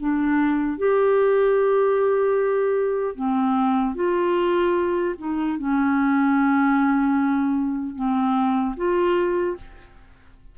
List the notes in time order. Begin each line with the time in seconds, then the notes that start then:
0.00 D4
0.78 G4
3.16 C4
3.96 F4
5.19 D#4
5.59 C#4
7.96 C4
8.77 F4